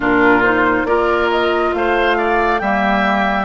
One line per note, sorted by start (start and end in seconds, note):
0.00 0.84 A#2
0.00 0.41 D4
0.00 0.87 F4
0.00 0.42 A#4
0.42 0.86 D#4
0.42 0.85 C5
0.84 1.71 A#3
0.84 2.61 F4
0.84 1.75 A#4
0.84 1.29 D5
1.30 1.73 D#5
1.73 2.61 A3
1.73 2.17 C5
1.73 2.58 F5
2.17 2.61 D5
2.58 3.44 G3
2.58 3.44 A#3
2.58 3.44 E5
2.58 3.44 G5